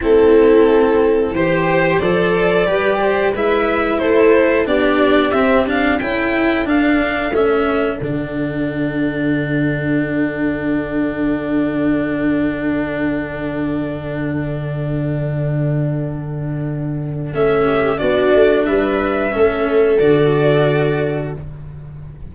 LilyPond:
<<
  \new Staff \with { instrumentName = "violin" } { \time 4/4 \tempo 4 = 90 a'2 c''4 d''4~ | d''4 e''4 c''4 d''4 | e''8 f''8 g''4 f''4 e''4 | fis''1~ |
fis''1~ | fis''1~ | fis''2 e''4 d''4 | e''2 d''2 | }
  \new Staff \with { instrumentName = "viola" } { \time 4/4 e'2 c''2 | b'8 c''8 b'4 a'4 g'4~ | g'4 a'2.~ | a'1~ |
a'1~ | a'1~ | a'2~ a'8 g'8 fis'4 | b'4 a'2. | }
  \new Staff \with { instrumentName = "cello" } { \time 4/4 c'2 g'4 a'4 | g'4 e'2 d'4 | c'8 d'8 e'4 d'4 cis'4 | d'1~ |
d'1~ | d'1~ | d'2 cis'4 d'4~ | d'4 cis'4 fis'2 | }
  \new Staff \with { instrumentName = "tuba" } { \time 4/4 a2 e4 f4 | g4 gis4 a4 b4 | c'4 cis'4 d'4 a4 | d1~ |
d1~ | d1~ | d2 a4 b8 a8 | g4 a4 d2 | }
>>